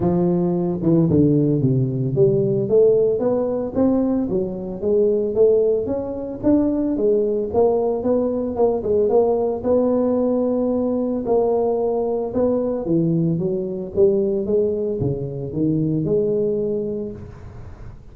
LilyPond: \new Staff \with { instrumentName = "tuba" } { \time 4/4 \tempo 4 = 112 f4. e8 d4 c4 | g4 a4 b4 c'4 | fis4 gis4 a4 cis'4 | d'4 gis4 ais4 b4 |
ais8 gis8 ais4 b2~ | b4 ais2 b4 | e4 fis4 g4 gis4 | cis4 dis4 gis2 | }